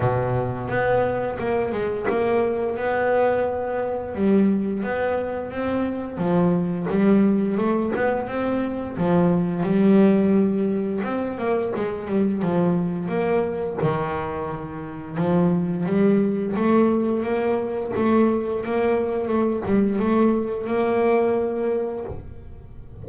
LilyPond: \new Staff \with { instrumentName = "double bass" } { \time 4/4 \tempo 4 = 87 b,4 b4 ais8 gis8 ais4 | b2 g4 b4 | c'4 f4 g4 a8 b8 | c'4 f4 g2 |
c'8 ais8 gis8 g8 f4 ais4 | dis2 f4 g4 | a4 ais4 a4 ais4 | a8 g8 a4 ais2 | }